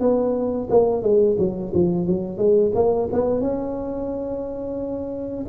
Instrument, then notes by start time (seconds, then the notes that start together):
tuba
0.00 B3
0.70 A#3
1.02 G#3
1.38 F#3
1.74 F3
2.07 F#3
2.37 G#3
2.75 A#3
3.12 B3
3.41 C#4